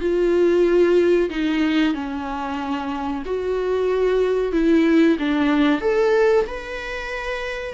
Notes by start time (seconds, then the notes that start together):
0.00 F4
1.29 D#4
1.94 C#4
3.25 F#4
4.52 E4
5.19 D4
5.81 A4
6.47 B4